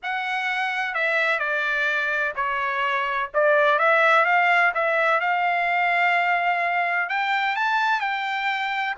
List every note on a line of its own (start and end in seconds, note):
0.02 0.94 F#5
0.94 1.39 E5
1.39 2.33 D5
2.35 3.30 C#5
3.33 3.78 D5
3.78 4.25 E5
4.25 4.72 F5
4.74 5.20 E5
5.20 7.09 F5
7.09 7.55 G5
7.55 8.00 A5
8.00 8.94 G5